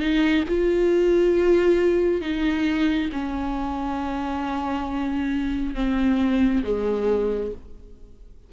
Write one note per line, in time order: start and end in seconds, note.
0.00 0.44 D#4
0.49 2.22 F4
2.22 3.10 D#4
3.13 5.76 C#4
5.76 6.64 C4
6.64 7.52 G#3